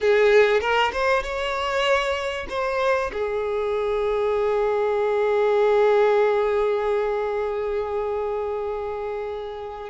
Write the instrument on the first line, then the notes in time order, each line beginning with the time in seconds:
violin
0.00 G#4
0.60 A#4
0.92 C5
1.23 C#5
2.49 C5
3.12 G#4